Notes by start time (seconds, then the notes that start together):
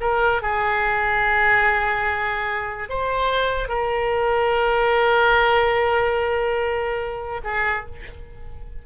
0.00 A#4
0.42 G#4
2.89 C5
3.68 A#4
7.44 G#4